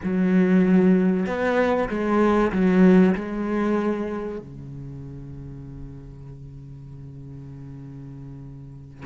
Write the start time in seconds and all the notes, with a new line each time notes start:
0.03 F#3
1.26 B3
1.89 G#3
2.51 F#3
3.14 G#3
4.39 C#3